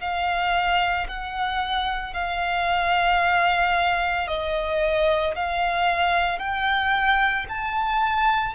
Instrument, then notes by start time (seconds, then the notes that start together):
violin
0.00 F5
1.08 F#5
2.14 F5
4.28 D#5
5.36 F5
6.39 G5
7.49 A5